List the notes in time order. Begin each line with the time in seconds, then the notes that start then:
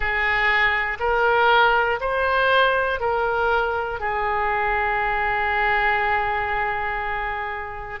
0.00 G#4
1.00 A#4
2.00 C5
3.00 A#4
4.00 G#4